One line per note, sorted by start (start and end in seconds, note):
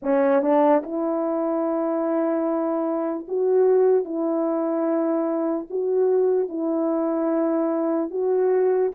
0.02 0.41 C#4
0.41 0.82 D4
0.83 3.26 E4
3.28 4.04 F#4
4.04 5.66 E4
5.69 6.48 F#4
6.48 8.10 E4
8.10 8.91 F#4